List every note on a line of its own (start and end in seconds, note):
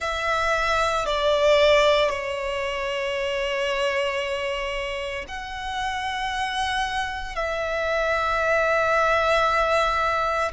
0.00 1.05 E5
1.05 2.09 D5
2.09 5.25 C#5
5.28 7.35 F#5
7.35 10.51 E5